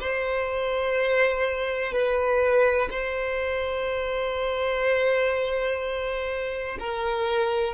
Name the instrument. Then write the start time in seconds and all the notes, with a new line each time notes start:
violin
0.00 C5
1.92 B4
2.90 C5
6.80 A#4